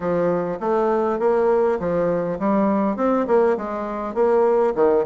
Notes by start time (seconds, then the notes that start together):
0.00 F3
0.59 A3
1.19 A#3
1.79 F3
2.39 G3
2.96 C4
3.27 A#3
3.57 G#3
4.14 A#3
4.75 D#3